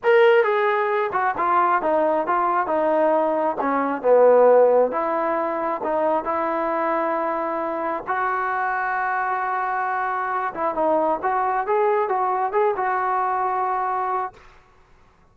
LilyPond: \new Staff \with { instrumentName = "trombone" } { \time 4/4 \tempo 4 = 134 ais'4 gis'4. fis'8 f'4 | dis'4 f'4 dis'2 | cis'4 b2 e'4~ | e'4 dis'4 e'2~ |
e'2 fis'2~ | fis'2.~ fis'8 e'8 | dis'4 fis'4 gis'4 fis'4 | gis'8 fis'2.~ fis'8 | }